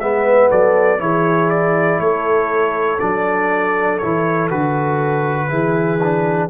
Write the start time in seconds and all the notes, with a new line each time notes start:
0.00 G#3 B3 B4 E5
0.50 F#3 A4 D5
0.99 E3 E4 G#4 C#5
1.50 D5
2.00 A3 A4 C#5
3.00 F#3 D4 D5
3.99 E3 E4 C#5
4.50 D3 F#4 B4
5.49 E3 E4 G#4
6.04 D4